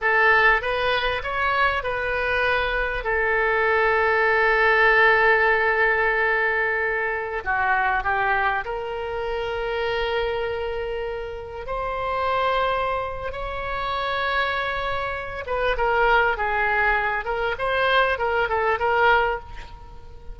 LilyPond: \new Staff \with { instrumentName = "oboe" } { \time 4/4 \tempo 4 = 99 a'4 b'4 cis''4 b'4~ | b'4 a'2.~ | a'1~ | a'16 fis'4 g'4 ais'4.~ ais'16~ |
ais'2.~ ais'16 c''8.~ | c''2 cis''2~ | cis''4. b'8 ais'4 gis'4~ | gis'8 ais'8 c''4 ais'8 a'8 ais'4 | }